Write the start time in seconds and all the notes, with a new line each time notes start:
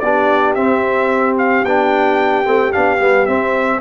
0.00 B3 D4 G4 D5
0.55 C4 E5
1.38 F5
1.65 B3 D4 G5
2.45 A3 C4
2.72 B3 D4 F5
3.01 G3 B3
3.26 C4 E5